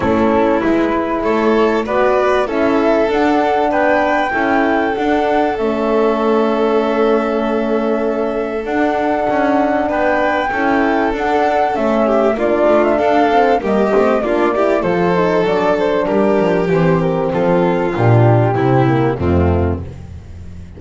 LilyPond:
<<
  \new Staff \with { instrumentName = "flute" } { \time 4/4 \tempo 4 = 97 a'4 b'4 cis''4 d''4 | e''4 fis''4 g''2 | fis''4 e''2.~ | e''2 fis''2 |
g''2 fis''4 e''4 | d''8. e''16 f''4 dis''4 d''4 | c''4 d''8 c''8 ais'4 c''8 ais'8 | a'4 g'2 f'4 | }
  \new Staff \with { instrumentName = "violin" } { \time 4/4 e'2 a'4 b'4 | a'2 b'4 a'4~ | a'1~ | a'1 |
b'4 a'2~ a'8 g'8 | f'4 a'4 g'4 f'8 g'8 | a'2 g'2 | f'2 e'4 c'4 | }
  \new Staff \with { instrumentName = "horn" } { \time 4/4 cis'4 e'2 fis'4 | e'4 d'2 e'4 | d'4 cis'2.~ | cis'2 d'2~ |
d'4 e'4 d'4 cis'4 | d'4. c'8 ais8 c'8 d'8 e'8 | f'8 dis'8 d'2 c'4~ | c'4 d'4 c'8 ais8 a4 | }
  \new Staff \with { instrumentName = "double bass" } { \time 4/4 a4 gis4 a4 b4 | cis'4 d'4 b4 cis'4 | d'4 a2.~ | a2 d'4 cis'4 |
b4 cis'4 d'4 a4 | ais8 a8 d'4 g8 a8 ais4 | f4 fis4 g8 f8 e4 | f4 ais,4 c4 f,4 | }
>>